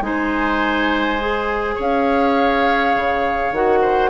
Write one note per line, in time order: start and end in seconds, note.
0.00 1.75 G#3
0.00 1.18 D#4
0.00 1.75 C5
0.00 1.77 G#5
1.20 3.53 G#4
1.75 2.95 C#4
1.75 3.79 C#5
1.75 3.54 F5
2.95 3.52 C#3
3.52 4.09 D#3
3.52 4.09 F#4
3.52 4.09 F#5
3.81 4.09 C5